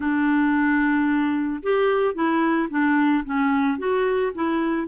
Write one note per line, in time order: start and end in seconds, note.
0.00 1.62 D4
1.62 2.14 G4
2.14 2.68 E4
2.70 3.24 D4
3.25 3.78 C#4
3.78 4.32 F#4
4.35 4.87 E4